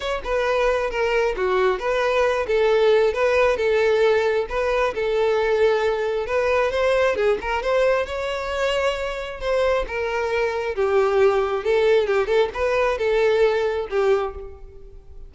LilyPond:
\new Staff \with { instrumentName = "violin" } { \time 4/4 \tempo 4 = 134 cis''8 b'4. ais'4 fis'4 | b'4. a'4. b'4 | a'2 b'4 a'4~ | a'2 b'4 c''4 |
gis'8 ais'8 c''4 cis''2~ | cis''4 c''4 ais'2 | g'2 a'4 g'8 a'8 | b'4 a'2 g'4 | }